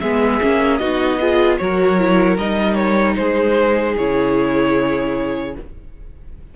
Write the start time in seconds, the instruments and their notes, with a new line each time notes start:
0.00 cello G#3, viola B3, violin G#4 E5
0.41 cello A#3, viola C#4
0.77 cello B3, viola D#4, violin F#4 D#5
1.20 viola F4, violin G#4
1.58 cello F#3, viola F#4, violin A#4 C#5
1.99 viola E4
2.37 cello G3, viola D#4, violin D#5
2.75 violin C#5
3.15 cello G#3, violin G#4 C5
3.97 cello C#3, viola E4, violin C#5